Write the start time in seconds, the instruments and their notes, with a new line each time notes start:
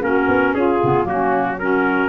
0.00 tuba A#3, clarinet C#4, saxophone F#4, trumpet A#4
0.28 tuba B3
0.54 tuba C#4, saxophone F4, trumpet G#4
0.83 tuba C#3, clarinet B3
1.04 tuba F#3, clarinet A#3, saxophone C#4, trumpet F#4
1.59 clarinet C#4, saxophone F#4, trumpet A#4